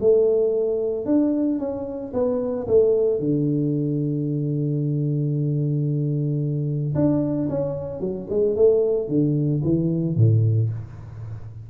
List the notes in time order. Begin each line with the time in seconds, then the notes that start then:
0.00 A3
1.05 D4
1.59 C#4
2.13 B3
2.67 A3
3.19 D3
6.95 D4
7.49 C#4
8.00 F#3
8.29 G#3
8.55 A3
9.08 D3
9.63 E3
10.16 A2